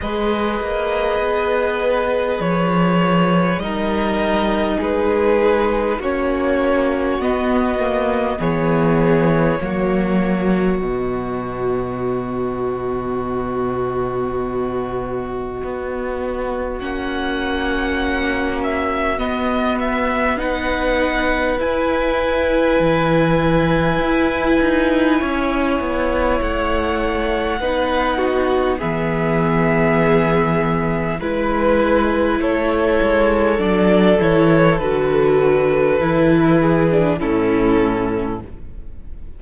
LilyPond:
<<
  \new Staff \with { instrumentName = "violin" } { \time 4/4 \tempo 4 = 50 dis''2 cis''4 dis''4 | b'4 cis''4 dis''4 cis''4~ | cis''4 dis''2.~ | dis''2 fis''4. e''8 |
dis''8 e''8 fis''4 gis''2~ | gis''2 fis''2 | e''2 b'4 cis''4 | d''8 cis''8 b'2 a'4 | }
  \new Staff \with { instrumentName = "violin" } { \time 4/4 b'2. ais'4 | gis'4 fis'2 gis'4 | fis'1~ | fis'1~ |
fis'4 b'2.~ | b'4 cis''2 b'8 fis'8 | gis'2 b'4 a'4~ | a'2~ a'8 gis'8 e'4 | }
  \new Staff \with { instrumentName = "viola" } { \time 4/4 gis'2. dis'4~ | dis'4 cis'4 b8 ais8 b4 | ais4 b2.~ | b2 cis'2 |
b4 dis'4 e'2~ | e'2. dis'4 | b2 e'2 | d'8 e'8 fis'4 e'8. d'16 cis'4 | }
  \new Staff \with { instrumentName = "cello" } { \time 4/4 gis8 ais8 b4 f4 g4 | gis4 ais4 b4 e4 | fis4 b,2.~ | b,4 b4 ais2 |
b2 e'4 e4 | e'8 dis'8 cis'8 b8 a4 b4 | e2 gis4 a8 gis8 | fis8 e8 d4 e4 a,4 | }
>>